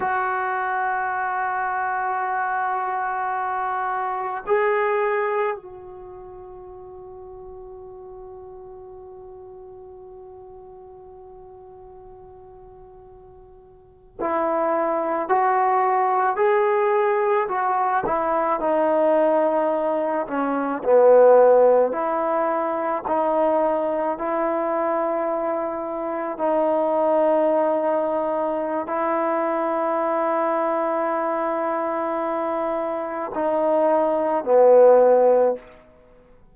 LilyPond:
\new Staff \with { instrumentName = "trombone" } { \time 4/4 \tempo 4 = 54 fis'1 | gis'4 fis'2.~ | fis'1~ | fis'8. e'4 fis'4 gis'4 fis'16~ |
fis'16 e'8 dis'4. cis'8 b4 e'16~ | e'8. dis'4 e'2 dis'16~ | dis'2 e'2~ | e'2 dis'4 b4 | }